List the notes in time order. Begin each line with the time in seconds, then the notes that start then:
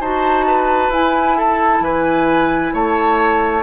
0.00 D#4 F#4 C5 A5
0.47 B4
0.89 E4 G#5
1.37 A4 A5
1.81 E3 B4 G#5
2.73 A3 C#5 A5